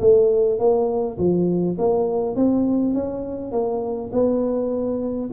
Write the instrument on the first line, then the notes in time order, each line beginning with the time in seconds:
tuba
0.00 A3
0.59 A#3
1.18 F3
1.78 A#3
2.36 C4
2.94 C#4
3.52 A#3
4.13 B3